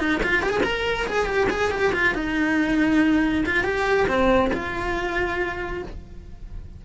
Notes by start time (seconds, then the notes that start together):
0.00 D#4
0.23 F4
0.43 G4
0.50 G#4
0.64 A#4
1.08 G#4
1.26 G4
1.50 G#4
1.71 G4
1.94 F4
2.15 D#4
3.46 F4
3.64 G4
4.08 C4
4.54 F4